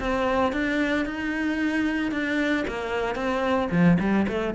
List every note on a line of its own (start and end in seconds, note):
0.00 0.53 C4
0.53 1.06 D4
1.06 2.12 D#4
2.12 2.65 D4
2.68 3.16 A#3
3.16 3.69 C4
3.71 3.98 F3
4.00 4.27 G3
4.28 4.55 A3